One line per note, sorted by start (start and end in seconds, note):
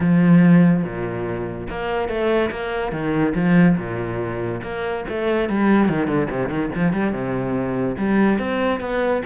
0.00 0.83 F3
0.83 1.67 A#2
1.69 2.08 A#3
2.08 2.50 A3
2.51 2.91 A#3
2.91 3.33 D#3
3.34 3.76 F3
3.77 4.61 A#2
4.62 5.04 A#3
5.08 5.49 A3
5.49 5.89 G3
5.89 6.07 D#3
6.07 6.28 D3
6.30 6.48 C3
6.48 6.69 D#3
6.74 6.92 F3
6.92 7.12 G3
7.12 7.96 C3
7.97 8.39 G3
8.39 8.80 C4
8.80 9.22 B3